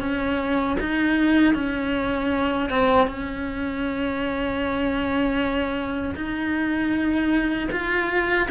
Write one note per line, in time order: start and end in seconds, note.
0.00 0.77 C#4
0.80 1.55 D#4
1.55 2.70 C#4
2.70 3.07 C4
3.07 6.15 C#4
6.15 7.69 D#4
7.72 8.49 F4